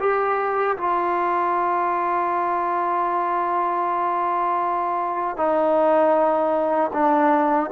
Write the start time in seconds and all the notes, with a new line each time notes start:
0.00 G4
0.77 F4
5.37 D#4
6.93 D4